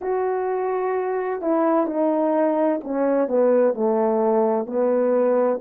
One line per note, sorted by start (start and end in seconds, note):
0.01 1.41 F#4
1.41 1.86 E4
1.86 2.80 D#4
2.83 3.28 C#4
3.28 3.73 B3
3.73 4.66 A3
4.66 5.60 B3